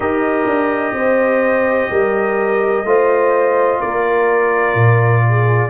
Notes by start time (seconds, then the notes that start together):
0.00 D#4 G4 A#4 D#5
0.46 D4
0.93 C4 C5
1.90 G3 A#4
2.84 A3 F4 C5
3.80 A#3 A#4 D5
4.74 A#2
5.29 G#4